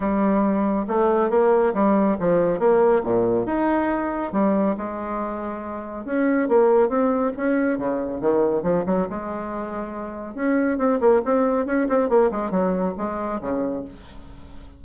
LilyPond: \new Staff \with { instrumentName = "bassoon" } { \time 4/4 \tempo 4 = 139 g2 a4 ais4 | g4 f4 ais4 ais,4 | dis'2 g4 gis4~ | gis2 cis'4 ais4 |
c'4 cis'4 cis4 dis4 | f8 fis8 gis2. | cis'4 c'8 ais8 c'4 cis'8 c'8 | ais8 gis8 fis4 gis4 cis4 | }